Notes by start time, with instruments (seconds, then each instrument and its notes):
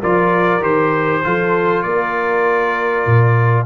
0.00 tuba F3, trombone F4, horn A#4, trumpet D5
0.61 tuba D#3, trombone G4, trumpet C5
1.24 tuba F3, trombone F4, horn A4
1.82 tuba A#3, horn A#4, trumpet D5
3.06 tuba A#2